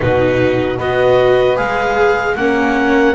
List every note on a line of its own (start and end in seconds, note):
0.00 0.79 B2
0.00 0.79 D#4
0.00 0.77 F#4
0.00 0.78 B4
0.77 1.58 B3
0.77 1.55 F#4
0.77 2.35 B4
0.77 1.57 D#5
1.55 2.35 G#3
1.55 2.34 G#4
1.55 2.35 F5
2.35 3.14 A#3
2.35 3.14 C#4
2.35 3.14 A#4
2.35 3.14 F#5